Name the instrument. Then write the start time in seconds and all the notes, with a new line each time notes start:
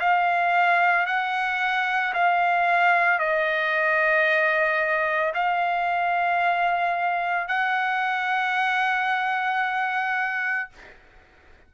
trumpet
0.00 F5
1.06 F#5
2.14 F5
3.19 D#5
5.34 F5
7.48 F#5